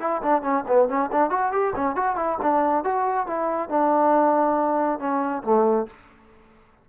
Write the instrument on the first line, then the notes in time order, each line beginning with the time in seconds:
trombone
0.00 E4
0.23 D4
0.42 C#4
0.68 B3
0.88 C#4
1.12 D4
1.30 F#4
1.52 G4
1.76 C#4
1.96 F#4
2.16 E4
2.42 D4
2.84 F#4
3.27 E4
3.69 D4
4.99 C#4
5.43 A3